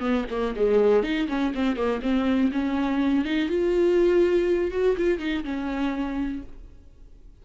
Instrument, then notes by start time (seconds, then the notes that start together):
viola
0.00 B3
0.30 A#3
0.56 G#3
1.03 D#4
1.28 C#4
1.54 C4
1.76 A#3
2.02 C4
2.52 C#4
3.25 D#4
3.49 F4
4.71 F#4
4.97 F4
5.19 D#4
5.44 C#4